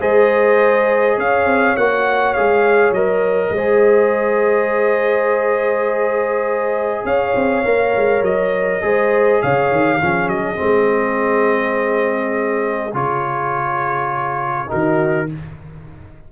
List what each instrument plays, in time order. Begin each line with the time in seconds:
0.00 tuba G#3, trombone G#4, horn C5, trumpet D#5
1.17 tuba C#4, horn C#5, trumpet F5
1.46 tuba C4
1.77 tuba A#3, trombone F#4, trumpet F#5
2.33 tuba G#3, trombone G#4, trumpet F5
2.91 tuba F#3, trombone A#4, trumpet D#5
3.50 tuba G#3, horn C5
3.57 trombone G#4
7.05 tuba C#4, horn C#5, trumpet F5
7.35 tuba C4
7.65 tuba A#3, trombone A#4
7.97 tuba G#3
8.22 tuba F#3, trumpet D#5
8.81 tuba G#3, trombone G#4, horn C5
9.42 tuba C#3, horn C#5, trumpet F5
9.71 tuba D#3
9.99 tuba F3, trombone C#4, horn G#4
10.28 tuba F#3, trumpet D#5
10.56 tuba G#3, trombone C4
12.94 tuba C#3, trombone F4, trumpet C#5
14.68 tuba D#3, trombone D#4, horn F#4, trumpet A#4